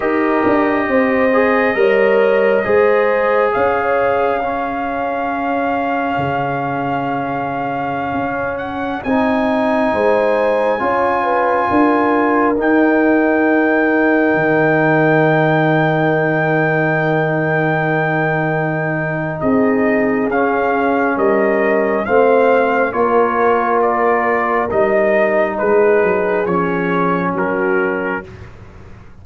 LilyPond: <<
  \new Staff \with { instrumentName = "trumpet" } { \time 4/4 \tempo 4 = 68 dis''1 | f''1~ | f''4.~ f''16 fis''8 gis''4.~ gis''16~ | gis''2~ gis''16 g''4.~ g''16~ |
g''1~ | g''2 dis''4 f''4 | dis''4 f''4 cis''4 d''4 | dis''4 b'4 cis''4 ais'4 | }
  \new Staff \with { instrumentName = "horn" } { \time 4/4 ais'4 c''4 cis''4 c''4 | cis''4 gis'2.~ | gis'2.~ gis'16 c''8.~ | c''16 cis''8 b'8 ais'2~ ais'8.~ |
ais'1~ | ais'2 gis'2 | ais'4 c''4 ais'2~ | ais'4 gis'2 fis'4 | }
  \new Staff \with { instrumentName = "trombone" } { \time 4/4 g'4. gis'8 ais'4 gis'4~ | gis'4 cis'2.~ | cis'2~ cis'16 dis'4.~ dis'16~ | dis'16 f'2 dis'4.~ dis'16~ |
dis'1~ | dis'2. cis'4~ | cis'4 c'4 f'2 | dis'2 cis'2 | }
  \new Staff \with { instrumentName = "tuba" } { \time 4/4 dis'8 d'8 c'4 g4 gis4 | cis'2. cis4~ | cis4~ cis16 cis'4 c'4 gis8.~ | gis16 cis'4 d'4 dis'4.~ dis'16~ |
dis'16 dis2.~ dis8.~ | dis2 c'4 cis'4 | g4 a4 ais2 | g4 gis8 fis8 f4 fis4 | }
>>